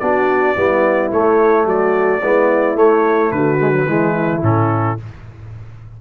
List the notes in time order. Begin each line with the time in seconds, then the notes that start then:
0.00 B3 D4 F#4 D5
0.57 G3 B3 E4
1.12 A3 C#5
1.65 F#3 F#4 D5
2.23 G#3 B3 E4
2.76 A3 C#5
3.32 D3 F#4 B4
3.61 G#3
3.72 F#3
3.87 E3 G#3 E4
4.43 A2 C#4 A4